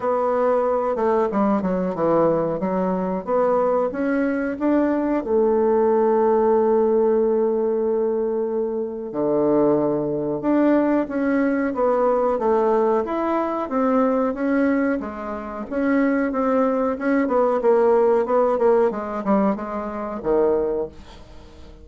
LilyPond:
\new Staff \with { instrumentName = "bassoon" } { \time 4/4 \tempo 4 = 92 b4. a8 g8 fis8 e4 | fis4 b4 cis'4 d'4 | a1~ | a2 d2 |
d'4 cis'4 b4 a4 | e'4 c'4 cis'4 gis4 | cis'4 c'4 cis'8 b8 ais4 | b8 ais8 gis8 g8 gis4 dis4 | }